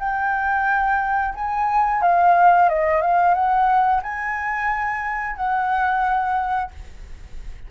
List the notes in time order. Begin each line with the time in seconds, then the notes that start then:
0.00 G5
1.35 G#5
2.02 F5
2.70 D#5
3.02 F5
3.35 F#5
4.03 G#5
5.37 F#5